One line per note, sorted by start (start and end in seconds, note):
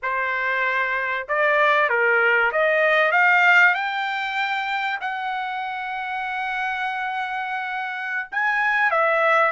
0.02 1.27 C5
1.28 1.89 D5
1.89 2.51 A#4
2.51 3.11 D#5
3.11 3.74 F5
3.74 4.99 G5
5.00 8.28 F#5
8.31 8.91 G#5
8.91 9.51 E5